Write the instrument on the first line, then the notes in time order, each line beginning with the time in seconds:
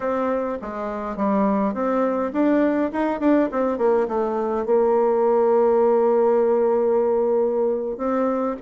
bassoon
0.00 C4
0.61 G#3
1.16 G3
1.73 C4
2.32 D4
2.92 D#4
3.20 D4
3.51 C4
3.78 A#3
4.08 A3
4.65 A#3
7.97 C4